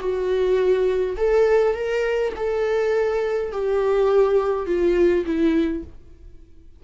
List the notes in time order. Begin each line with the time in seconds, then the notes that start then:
0.00 F#4
1.17 A4
1.75 A#4
2.36 A4
3.52 G4
4.67 F4
5.26 E4